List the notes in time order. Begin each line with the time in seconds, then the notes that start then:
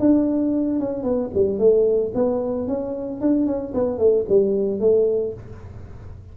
0.00 D4
0.80 C#4
1.03 B3
1.35 G3
1.59 A3
2.15 B3
2.68 C#4
3.21 D4
3.47 C#4
3.74 B3
3.99 A3
4.29 G3
4.80 A3